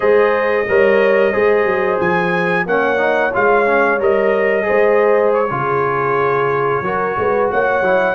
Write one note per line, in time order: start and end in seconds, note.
0.00 0.67 G#3
0.00 0.66 G#4
0.00 0.66 C5
0.00 1.99 D#5
0.68 1.35 G3
0.68 1.32 A#4
0.68 1.31 C#5
1.31 1.65 G#3
1.31 2.66 G#4
1.31 2.65 C5
1.65 1.98 F#3
1.99 2.66 F3
1.99 2.66 G#5
2.66 3.32 A#3
2.66 2.97 C#4
2.66 4.66 C#5
2.66 3.33 F#5
2.97 3.30 D#4
3.33 3.99 G#3
3.33 3.66 F4
3.33 4.01 F5
3.66 3.99 C#4
3.99 4.66 G3
3.99 4.62 A#4
3.99 5.33 D#5
4.62 5.46 G#4
4.62 5.49 C5
4.70 5.50 G#3
5.33 7.50 C#5
5.50 6.81 C#3
5.50 6.83 F4
5.50 6.84 G#4
6.81 7.14 F#3
6.81 7.83 F#4
6.81 7.17 A#4
7.17 7.50 G#3
7.17 7.51 B4
7.51 7.81 A#3
7.51 8.15 C#5
7.51 8.15 F#5
7.81 8.14 F#3
7.81 8.15 E4